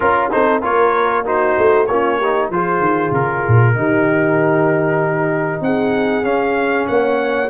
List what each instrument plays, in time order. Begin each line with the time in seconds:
0.00 tuba C#4, trombone F4, trumpet A#4, horn A#4
0.30 tuba C4, trombone D#4, horn A4, trumpet C5
0.62 tuba A#3, trombone F4, horn A#4, trumpet C#5
1.24 trombone D#4, horn F#4, trumpet C5
1.57 tuba A3
1.86 tuba A#3, trombone C#4, horn F4, trumpet C#5
2.18 trombone D#4, horn G4
2.50 tuba F3, trombone F4, horn G#4, trumpet C5
2.79 tuba D#3
3.11 tuba C#3, trumpet A#4
3.47 tuba A#2
3.74 tuba D#3, trombone D#4, horn G4
5.60 tuba C4, horn G#4, trumpet F#5
6.23 tuba C#4, trombone C#4, trumpet F5
6.87 tuba A#3, horn C#5, trumpet F#5